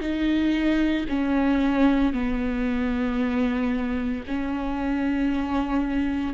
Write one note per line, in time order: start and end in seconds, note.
0.00 1.05 D#4
1.09 2.12 C#4
2.12 4.23 B3
4.27 6.33 C#4